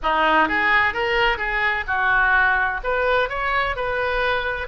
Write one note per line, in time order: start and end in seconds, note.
0.03 0.48 D#4
0.48 0.93 G#4
0.93 1.37 A#4
1.37 1.84 G#4
1.87 2.81 F#4
2.83 3.29 B4
3.29 3.75 C#5
3.75 4.67 B4